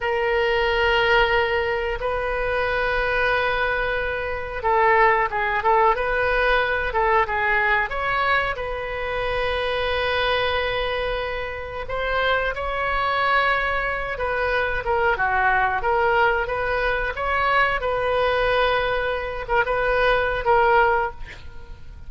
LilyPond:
\new Staff \with { instrumentName = "oboe" } { \time 4/4 \tempo 4 = 91 ais'2. b'4~ | b'2. a'4 | gis'8 a'8 b'4. a'8 gis'4 | cis''4 b'2.~ |
b'2 c''4 cis''4~ | cis''4. b'4 ais'8 fis'4 | ais'4 b'4 cis''4 b'4~ | b'4. ais'16 b'4~ b'16 ais'4 | }